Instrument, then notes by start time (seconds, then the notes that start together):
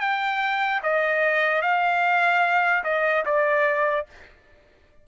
trumpet
0.00 G5
0.83 D#5
1.62 F5
2.84 D#5
3.25 D5